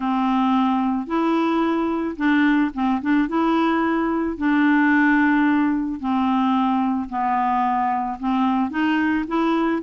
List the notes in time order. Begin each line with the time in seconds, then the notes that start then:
0.00 C4
1.07 E4
2.16 D4
2.73 C4
3.01 D4
3.28 E4
4.37 D4
6.00 C4
7.09 B3
8.19 C4
8.70 D#4
9.27 E4